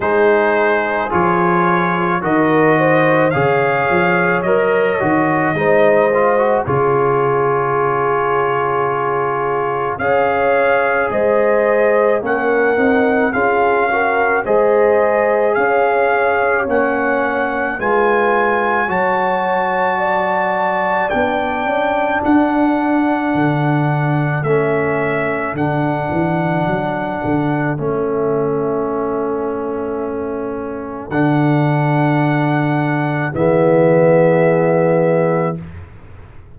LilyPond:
<<
  \new Staff \with { instrumentName = "trumpet" } { \time 4/4 \tempo 4 = 54 c''4 cis''4 dis''4 f''4 | dis''2 cis''2~ | cis''4 f''4 dis''4 fis''4 | f''4 dis''4 f''4 fis''4 |
gis''4 a''2 g''4 | fis''2 e''4 fis''4~ | fis''4 e''2. | fis''2 e''2 | }
  \new Staff \with { instrumentName = "horn" } { \time 4/4 gis'2 ais'8 c''8 cis''4~ | cis''4 c''4 gis'2~ | gis'4 cis''4 c''4 ais'4 | gis'8 ais'8 c''4 cis''2 |
b'4 cis''4 d''2 | a'1~ | a'1~ | a'2 gis'2 | }
  \new Staff \with { instrumentName = "trombone" } { \time 4/4 dis'4 f'4 fis'4 gis'4 | ais'8 fis'8 dis'8 f'16 fis'16 f'2~ | f'4 gis'2 cis'8 dis'8 | f'8 fis'8 gis'2 cis'4 |
f'4 fis'2 d'4~ | d'2 cis'4 d'4~ | d'4 cis'2. | d'2 b2 | }
  \new Staff \with { instrumentName = "tuba" } { \time 4/4 gis4 f4 dis4 cis8 f8 | fis8 dis8 gis4 cis2~ | cis4 cis'4 gis4 ais8 c'8 | cis'4 gis4 cis'4 ais4 |
gis4 fis2 b8 cis'8 | d'4 d4 a4 d8 e8 | fis8 d8 a2. | d2 e2 | }
>>